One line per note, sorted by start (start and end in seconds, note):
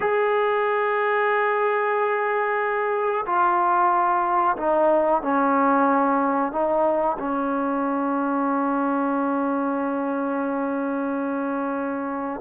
0.00 3.25 G#4
3.25 4.56 F4
4.57 5.21 D#4
5.21 6.52 C#4
6.52 7.17 D#4
7.19 12.40 C#4